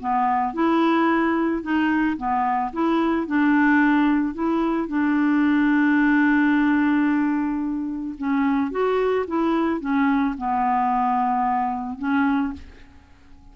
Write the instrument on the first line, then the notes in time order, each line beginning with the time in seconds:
clarinet
0.00 B3
0.54 E4
1.62 D#4
2.17 B3
2.73 E4
3.27 D4
4.34 E4
4.88 D4
8.18 C#4
8.71 F#4
9.28 E4
9.81 C#4
10.38 B3
11.99 C#4